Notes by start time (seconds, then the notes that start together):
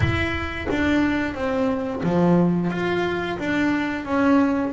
0.00 E4
0.70 D4
1.34 C4
2.03 F3
2.70 F4
3.39 D4
4.05 C#4